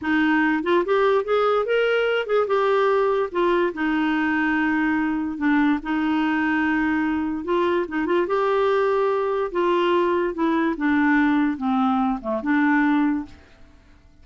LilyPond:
\new Staff \with { instrumentName = "clarinet" } { \time 4/4 \tempo 4 = 145 dis'4. f'8 g'4 gis'4 | ais'4. gis'8 g'2 | f'4 dis'2.~ | dis'4 d'4 dis'2~ |
dis'2 f'4 dis'8 f'8 | g'2. f'4~ | f'4 e'4 d'2 | c'4. a8 d'2 | }